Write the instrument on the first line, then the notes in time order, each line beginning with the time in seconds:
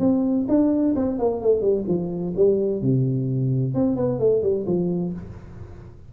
tuba
0.00 C4
0.49 D4
0.96 C4
1.19 A#3
1.41 A3
1.62 G3
1.88 F3
2.36 G3
2.82 C3
3.74 C4
3.96 B3
4.19 A3
4.42 G3
4.67 F3